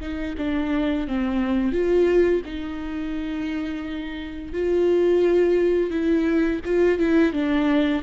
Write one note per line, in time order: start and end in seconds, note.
0.00 0.35 D#4
0.37 1.07 D4
1.07 1.72 C4
1.72 2.42 F4
2.45 4.53 D#4
4.53 5.90 F4
5.90 6.60 E4
6.65 6.99 F4
6.99 7.33 E4
7.33 8.02 D4